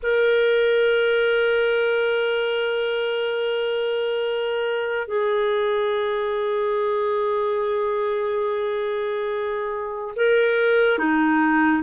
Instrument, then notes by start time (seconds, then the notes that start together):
clarinet
0.02 A#4
5.07 G#4
10.16 A#4
10.98 D#4